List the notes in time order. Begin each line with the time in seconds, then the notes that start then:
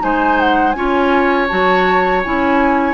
0.00 G#3 D#4 C5 G#5
0.41 F#5
0.72 C#4 F4 C#5 G#5
1.49 F#3 F#4 A5
2.24 C#4 E4 G#5